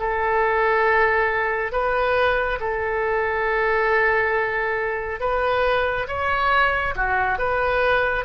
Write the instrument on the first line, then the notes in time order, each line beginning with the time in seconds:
oboe
0.00 A4
1.72 B4
2.60 A4
5.20 B4
6.08 C#5
6.96 F#4
7.38 B4